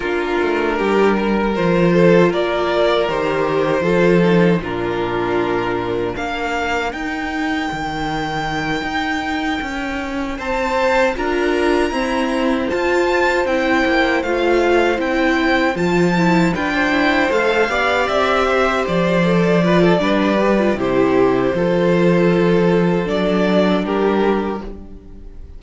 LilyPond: <<
  \new Staff \with { instrumentName = "violin" } { \time 4/4 \tempo 4 = 78 ais'2 c''4 d''4 | c''2 ais'2 | f''4 g''2.~ | g''4. a''4 ais''4.~ |
ais''8 a''4 g''4 f''4 g''8~ | g''8 a''4 g''4 f''4 e''8~ | e''8 d''2~ d''8 c''4~ | c''2 d''4 ais'4 | }
  \new Staff \with { instrumentName = "violin" } { \time 4/4 f'4 g'8 ais'4 a'8 ais'4~ | ais'4 a'4 f'2 | ais'1~ | ais'4. c''4 ais'4 c''8~ |
c''1~ | c''4. b'16 c''4~ c''16 d''4 | c''4. b'16 a'16 b'4 g'4 | a'2. g'4 | }
  \new Staff \with { instrumentName = "viola" } { \time 4/4 d'2 f'2 | g'4 f'8 dis'8 d'2~ | d'4 dis'2.~ | dis'2~ dis'8 f'4 c'8~ |
c'8 f'4 e'4 f'4 e'8~ | e'8 f'8 e'8 d'4 a'8 g'4~ | g'4 a'8 f'8 d'8 g'16 f'16 e'4 | f'2 d'2 | }
  \new Staff \with { instrumentName = "cello" } { \time 4/4 ais8 a8 g4 f4 ais4 | dis4 f4 ais,2 | ais4 dis'4 dis4. dis'8~ | dis'8 cis'4 c'4 d'4 e'8~ |
e'8 f'4 c'8 ais8 a4 c'8~ | c'8 f4 f'8 e'8 a8 b8 c'8~ | c'8 f4. g4 c4 | f2 fis4 g4 | }
>>